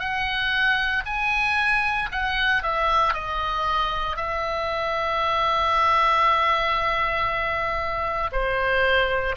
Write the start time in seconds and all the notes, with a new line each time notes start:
0.00 F#5
1.06 G#5
2.12 F#5
2.63 E5
3.14 D#5
4.17 E5
8.32 C5